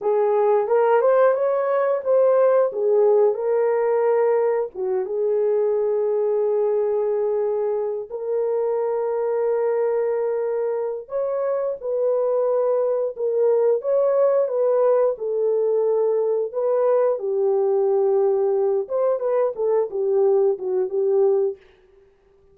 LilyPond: \new Staff \with { instrumentName = "horn" } { \time 4/4 \tempo 4 = 89 gis'4 ais'8 c''8 cis''4 c''4 | gis'4 ais'2 fis'8 gis'8~ | gis'1 | ais'1~ |
ais'8 cis''4 b'2 ais'8~ | ais'8 cis''4 b'4 a'4.~ | a'8 b'4 g'2~ g'8 | c''8 b'8 a'8 g'4 fis'8 g'4 | }